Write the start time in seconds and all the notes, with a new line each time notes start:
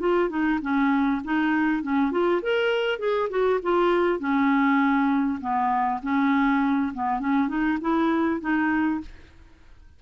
0.00 F4
0.29 D#4
0.62 C#4
1.24 D#4
1.83 C#4
2.12 F4
2.43 A#4
2.99 G#4
3.30 F#4
3.63 F4
4.20 C#4
5.41 B3
6.03 C#4
6.94 B3
7.20 C#4
7.49 D#4
7.81 E4
8.41 D#4